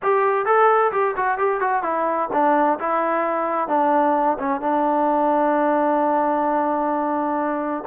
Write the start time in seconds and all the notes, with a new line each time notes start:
0.02 G4
0.45 A4
0.92 G4
1.16 F#4
1.38 G4
1.60 F#4
1.83 E4
2.32 D4
2.79 E4
3.68 D4
4.38 C#4
4.60 D4